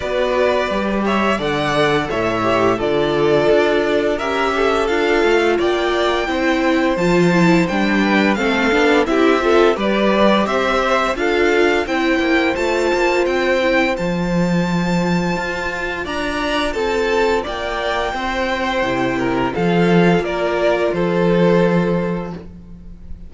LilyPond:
<<
  \new Staff \with { instrumentName = "violin" } { \time 4/4 \tempo 4 = 86 d''4. e''8 fis''4 e''4 | d''2 e''4 f''4 | g''2 a''4 g''4 | f''4 e''4 d''4 e''4 |
f''4 g''4 a''4 g''4 | a''2. ais''4 | a''4 g''2. | f''4 d''4 c''2 | }
  \new Staff \with { instrumentName = "violin" } { \time 4/4 b'4. cis''8 d''4 cis''4 | a'2 ais'8 a'4. | d''4 c''2~ c''8 b'8 | a'4 g'8 a'8 b'4 c''4 |
a'4 c''2.~ | c''2. d''4 | a'4 d''4 c''4. ais'8 | a'4 ais'4 a'2 | }
  \new Staff \with { instrumentName = "viola" } { \time 4/4 fis'4 g'4 a'4. g'8 | f'2 g'4 f'4~ | f'4 e'4 f'8 e'8 d'4 | c'8 d'8 e'8 f'8 g'2 |
f'4 e'4 f'4. e'8 | f'1~ | f'2. e'4 | f'1 | }
  \new Staff \with { instrumentName = "cello" } { \time 4/4 b4 g4 d4 a,4 | d4 d'4 cis'4 d'8 a8 | ais4 c'4 f4 g4 | a8 b8 c'4 g4 c'4 |
d'4 c'8 ais8 a8 ais8 c'4 | f2 f'4 d'4 | c'4 ais4 c'4 c4 | f4 ais4 f2 | }
>>